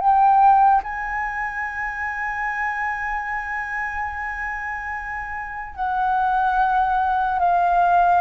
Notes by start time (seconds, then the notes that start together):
0.00 G5
0.83 G#5
5.76 F#5
7.39 F5